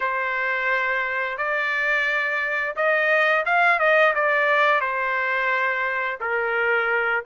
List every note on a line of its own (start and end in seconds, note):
0.00 1.37 C5
1.37 2.75 D5
2.76 3.45 D#5
3.45 3.79 F5
3.79 4.13 D#5
4.14 4.81 D5
4.81 6.18 C5
6.20 7.24 A#4